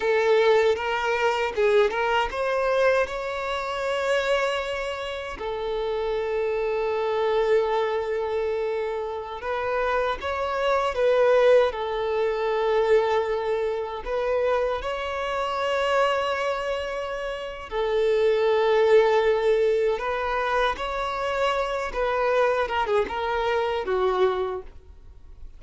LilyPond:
\new Staff \with { instrumentName = "violin" } { \time 4/4 \tempo 4 = 78 a'4 ais'4 gis'8 ais'8 c''4 | cis''2. a'4~ | a'1~ | a'16 b'4 cis''4 b'4 a'8.~ |
a'2~ a'16 b'4 cis''8.~ | cis''2. a'4~ | a'2 b'4 cis''4~ | cis''8 b'4 ais'16 gis'16 ais'4 fis'4 | }